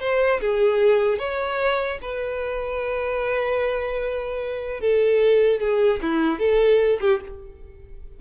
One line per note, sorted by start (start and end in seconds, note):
0.00 0.40 C5
0.40 1.18 G#4
1.18 1.98 C#5
2.01 4.80 B4
4.80 5.60 A4
5.60 6.00 G#4
6.01 6.39 E4
6.39 6.99 A4
7.00 7.20 G4